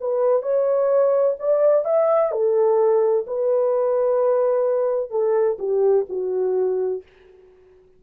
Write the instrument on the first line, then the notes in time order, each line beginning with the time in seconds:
horn
0.00 B4
0.42 C#5
1.39 D5
1.85 E5
2.31 A4
3.27 B4
5.11 A4
5.58 G4
6.09 F#4